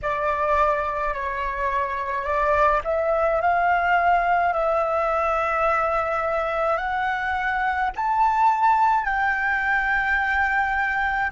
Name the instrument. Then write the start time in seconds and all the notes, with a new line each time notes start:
flute
0.02 D5
1.13 C#5
2.24 D5
2.84 E5
3.41 F5
4.53 E5
6.77 F#5
7.96 A5
9.04 G5